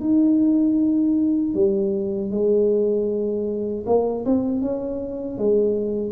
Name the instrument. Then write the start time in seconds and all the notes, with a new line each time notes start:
tuba
0.00 D#4
1.54 G3
2.31 G#3
3.86 A#3
4.25 C4
4.62 C#4
5.38 G#3